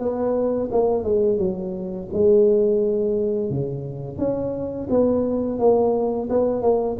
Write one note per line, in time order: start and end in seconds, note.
0.00 0.70 B3
0.72 1.04 A#3
1.04 1.38 G#3
1.38 2.08 F#3
2.13 3.50 G#3
3.50 4.18 C#3
4.18 4.88 C#4
4.90 5.59 B3
5.59 6.29 A#3
6.30 6.62 B3
6.62 6.97 A#3